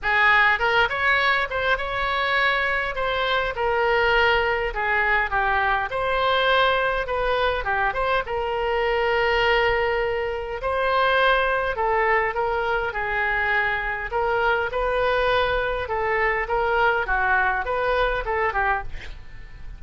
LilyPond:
\new Staff \with { instrumentName = "oboe" } { \time 4/4 \tempo 4 = 102 gis'4 ais'8 cis''4 c''8 cis''4~ | cis''4 c''4 ais'2 | gis'4 g'4 c''2 | b'4 g'8 c''8 ais'2~ |
ais'2 c''2 | a'4 ais'4 gis'2 | ais'4 b'2 a'4 | ais'4 fis'4 b'4 a'8 g'8 | }